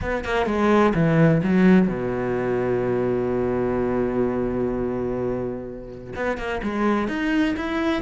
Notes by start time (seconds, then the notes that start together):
0.01 B3
0.24 A#3
0.46 G#3
0.94 E3
1.43 F#3
1.88 B2
6.15 B3
6.37 A#3
6.62 G#3
7.08 D#4
7.56 E4